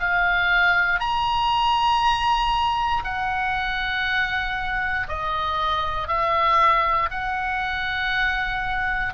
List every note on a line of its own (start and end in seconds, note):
0.00 1.00 F5
1.00 3.03 A#5
3.04 5.08 F#5
5.08 6.08 D#5
6.08 7.10 E5
7.10 9.14 F#5